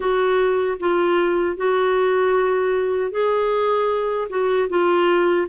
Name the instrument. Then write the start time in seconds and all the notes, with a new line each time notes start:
clarinet
0.00 F#4
0.79 F4
1.56 F#4
3.11 G#4
4.29 F#4
4.69 F4